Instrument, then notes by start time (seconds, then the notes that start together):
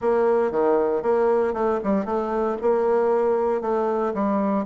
bassoon
0.01 A#3
0.51 D#3
1.02 A#3
1.53 A3
1.83 G3
2.05 A3
2.61 A#3
3.61 A3
4.14 G3